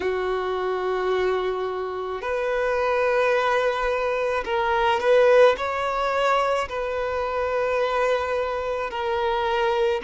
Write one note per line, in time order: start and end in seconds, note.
0.00 2.21 F#4
2.21 4.43 B4
4.44 5.00 A#4
5.00 5.56 B4
5.57 6.68 C#5
6.68 8.90 B4
8.90 10.01 A#4